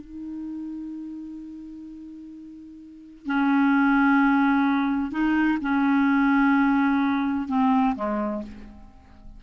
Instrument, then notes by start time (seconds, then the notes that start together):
clarinet
0.00 D#4
3.26 C#4
5.11 D#4
5.61 C#4
7.48 C4
7.95 G#3